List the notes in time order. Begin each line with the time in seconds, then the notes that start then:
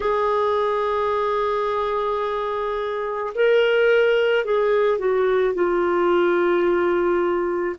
0.00 G#4
3.34 A#4
4.44 G#4
4.98 F#4
5.54 F4